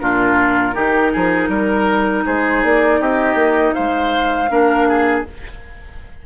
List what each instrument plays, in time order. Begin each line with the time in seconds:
0.00 bassoon A#2, clarinet D4, oboe F4, flute A#4
0.73 bassoon D#3, clarinet D#4, oboe G4
1.13 bassoon F3, oboe G#4
1.49 bassoon G3, oboe A#4
2.26 bassoon G#3, oboe G#4, flute C5
2.64 bassoon A#3, flute D5
3.01 bassoon C4, oboe G4, flute D#5
3.35 bassoon A#3
3.74 bassoon G#3, oboe C5, flute F5
4.50 bassoon A#3, clarinet D4, oboe A#4
4.89 oboe G#4